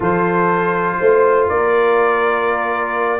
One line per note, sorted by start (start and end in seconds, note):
0.00 0.97 F3
0.00 3.19 F4
0.00 0.98 A4
0.00 1.48 C5
0.99 1.49 A3
0.99 1.49 C5
1.48 3.19 A#3
1.48 3.19 A#4
1.48 3.19 D5